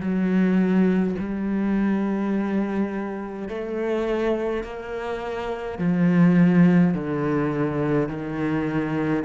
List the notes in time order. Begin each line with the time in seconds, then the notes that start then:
0.00 F#3
1.19 G3
3.48 A3
4.64 A#3
5.78 F3
6.94 D3
8.09 D#3